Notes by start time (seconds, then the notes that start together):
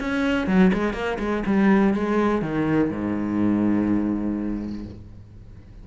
0.00 C#4
0.47 F#3
0.74 G#3
0.94 A#3
1.20 G#3
1.47 G3
1.94 G#3
2.42 D#3
2.90 G#2